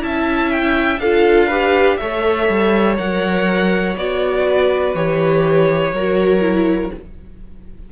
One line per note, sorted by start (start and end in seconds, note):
0.00 0.99 C#4
0.00 0.98 E4
0.00 1.02 E5
0.00 0.51 A5
0.51 1.00 G5
0.99 1.98 D4
0.99 1.51 F4
0.99 1.48 A4
0.99 1.98 F5
1.48 2.00 G4
1.48 1.97 B4
1.98 2.49 A3
1.98 2.97 A4
1.98 4.47 C#5
1.98 2.96 E5
2.49 2.98 G3
2.97 3.96 F#3
2.97 3.95 A#4
2.97 3.97 F#5
3.96 4.94 B3
3.96 4.95 F#4
3.96 4.96 D5
4.48 5.94 B4
4.94 5.93 E3
4.94 5.94 G4
4.94 6.93 C#5
5.93 6.91 F#3
5.93 6.41 F#4
5.93 6.93 A#4
6.41 6.90 E4